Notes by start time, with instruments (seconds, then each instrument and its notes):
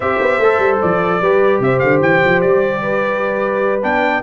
0.00 tuba C4, trombone G4, horn C5, trumpet E5
0.20 tuba B3
0.38 tuba A3, trombone A4
0.58 tuba G3
0.81 tuba F3, trumpet D5
1.21 tuba G3, trombone G4, horn B4
1.59 tuba C3, horn C5, trumpet E5
1.79 tuba D3, trumpet F5
2.00 tuba E3, trumpet G5
2.24 tuba F3
2.41 tuba G3, trumpet D5
2.82 horn B4
3.82 tuba B3, trombone D4, trumpet G5